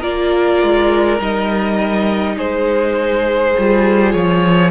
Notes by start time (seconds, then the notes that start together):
0.00 A#3 F4 A#4 D5
0.62 G#3
1.18 G3 D#4 D#5
2.37 G#3 G#4 C5
3.58 G3 F4
4.12 F3 C#5